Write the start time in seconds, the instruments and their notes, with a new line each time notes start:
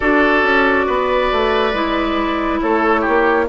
0.00 bassoon D4, clarinet F#4, oboe A4, flute D5
0.43 bassoon C#4
0.86 bassoon B3, oboe B4
1.32 bassoon A3
1.73 bassoon G#3, clarinet E4
2.60 bassoon A3, oboe A4, flute C#5
3.00 oboe G4
3.07 bassoon A#3